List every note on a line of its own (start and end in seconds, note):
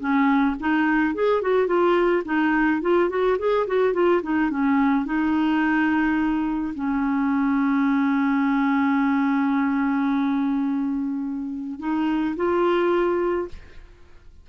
0.00 0.56 C#4
0.60 1.14 D#4
1.14 1.42 G#4
1.42 1.67 F#4
1.67 2.23 F4
2.25 2.81 D#4
2.81 3.09 F4
3.09 3.37 F#4
3.39 3.67 G#4
3.67 3.93 F#4
3.93 4.21 F4
4.23 4.50 D#4
4.50 5.05 C#4
5.05 6.74 D#4
6.75 11.79 C#4
11.80 12.36 D#4
12.36 13.48 F4